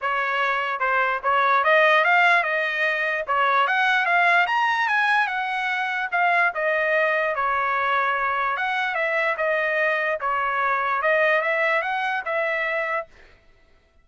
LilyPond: \new Staff \with { instrumentName = "trumpet" } { \time 4/4 \tempo 4 = 147 cis''2 c''4 cis''4 | dis''4 f''4 dis''2 | cis''4 fis''4 f''4 ais''4 | gis''4 fis''2 f''4 |
dis''2 cis''2~ | cis''4 fis''4 e''4 dis''4~ | dis''4 cis''2 dis''4 | e''4 fis''4 e''2 | }